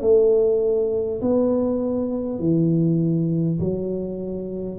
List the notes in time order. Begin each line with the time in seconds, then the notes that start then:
0.00 A3
1.21 B3
2.39 E3
3.59 F#3